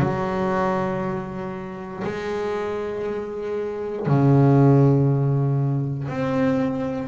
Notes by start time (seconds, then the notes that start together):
0.00 F#3
2.04 G#3
4.07 C#3
6.09 C4